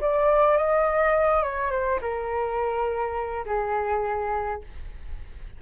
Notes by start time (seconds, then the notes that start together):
0.00 D5
0.57 D#5
1.42 C#5
1.70 C5
2.01 A#4
3.45 G#4